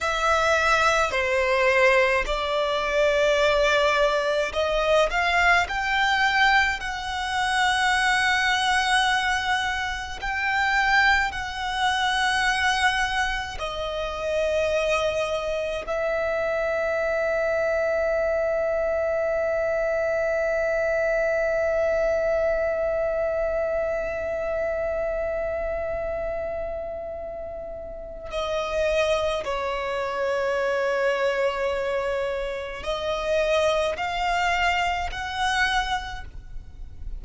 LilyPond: \new Staff \with { instrumentName = "violin" } { \time 4/4 \tempo 4 = 53 e''4 c''4 d''2 | dis''8 f''8 g''4 fis''2~ | fis''4 g''4 fis''2 | dis''2 e''2~ |
e''1~ | e''1~ | e''4 dis''4 cis''2~ | cis''4 dis''4 f''4 fis''4 | }